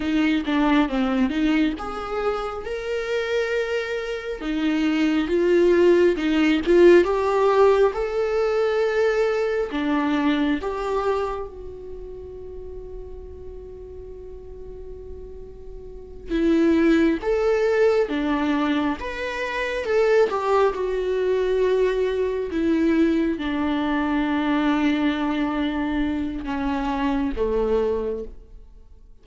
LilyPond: \new Staff \with { instrumentName = "viola" } { \time 4/4 \tempo 4 = 68 dis'8 d'8 c'8 dis'8 gis'4 ais'4~ | ais'4 dis'4 f'4 dis'8 f'8 | g'4 a'2 d'4 | g'4 fis'2.~ |
fis'2~ fis'8 e'4 a'8~ | a'8 d'4 b'4 a'8 g'8 fis'8~ | fis'4. e'4 d'4.~ | d'2 cis'4 a4 | }